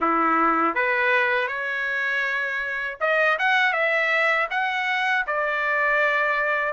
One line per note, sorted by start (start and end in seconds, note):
0.00 0.74 E4
0.74 1.47 B4
1.47 2.97 C#5
3.00 3.38 D#5
3.39 3.72 F#5
3.72 4.47 E5
4.50 5.25 F#5
5.26 6.73 D5